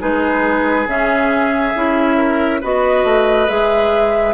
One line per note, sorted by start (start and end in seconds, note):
0.00 0.87 G#3
0.00 0.87 D#4
0.00 2.18 G#4
0.00 0.88 B4
0.87 1.74 C#3
0.87 1.74 C#4
0.87 2.63 E5
1.76 2.62 C#4
1.76 2.62 E4
2.18 2.61 A#4
2.61 3.04 B3
2.61 3.48 F#4
2.61 4.34 B4
2.61 3.50 D#5
3.04 3.48 A3
3.48 4.34 G#3
3.48 4.34 G#4
3.48 4.34 E5